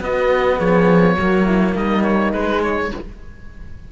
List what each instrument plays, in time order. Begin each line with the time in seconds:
0.00 cello B3, horn F#4, oboe D#5
0.58 cello F3, horn G#4, oboe C#5
1.16 cello F#3 A#3, horn F#4
1.45 horn E4
1.75 cello G3, horn D#4, oboe D#5
2.03 oboe C#5
2.32 cello G#3, oboe B4
2.63 oboe C#5